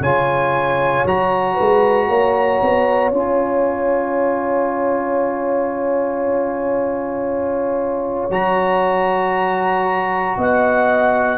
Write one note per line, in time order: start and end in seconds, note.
0.00 1.03 C#3
0.00 1.07 F4
0.00 1.55 C#5
0.00 1.06 G#5
1.05 1.57 F#3
1.05 3.14 F#4
1.05 3.11 A#5
1.55 2.08 G#3
1.55 2.06 B4
2.08 2.60 A#3
2.08 10.36 C#5
2.61 3.11 B3
3.11 8.29 C#4
3.11 8.30 F4
3.11 8.28 G#5
8.30 10.37 F#3
8.30 11.38 F#4
8.30 10.38 A#5
10.37 11.38 B3
10.37 11.38 D#5
10.37 11.38 F#5